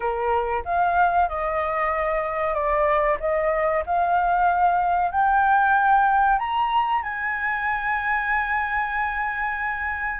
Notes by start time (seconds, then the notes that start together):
0.00 A#4
0.64 F5
1.29 D#5
2.54 D5
3.19 D#5
3.86 F5
5.11 G5
6.39 A#5
7.02 G#5